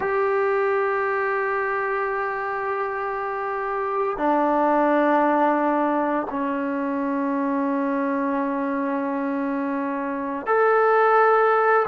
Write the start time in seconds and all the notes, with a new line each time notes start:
0.00 G4
4.17 D4
6.29 C#4
10.46 A4